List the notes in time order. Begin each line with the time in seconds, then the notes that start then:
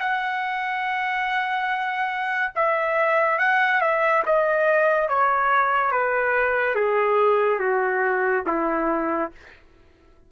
0.00 F#5
2.56 E5
3.39 F#5
3.81 E5
4.26 D#5
5.09 C#5
5.92 B4
6.75 G#4
7.59 F#4
8.47 E4